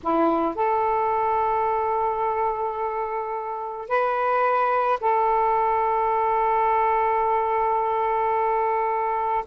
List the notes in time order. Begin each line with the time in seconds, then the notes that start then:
0.03 E4
0.55 A4
3.88 B4
5.00 A4